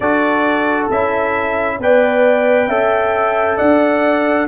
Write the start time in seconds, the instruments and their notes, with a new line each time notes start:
0.00 tuba D4, trombone F#4, horn A4, trumpet D5
0.90 tuba C#4, trombone E4, trumpet E5
1.79 tuba B3, trombone B4, horn D5, trumpet G5
2.67 tuba C#4, trombone A4, horn E5
3.57 tuba D4, horn D5, trumpet F#5